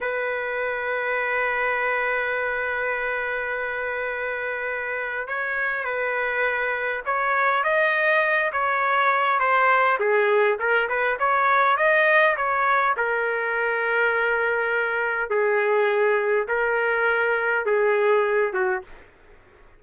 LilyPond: \new Staff \with { instrumentName = "trumpet" } { \time 4/4 \tempo 4 = 102 b'1~ | b'1~ | b'4 cis''4 b'2 | cis''4 dis''4. cis''4. |
c''4 gis'4 ais'8 b'8 cis''4 | dis''4 cis''4 ais'2~ | ais'2 gis'2 | ais'2 gis'4. fis'8 | }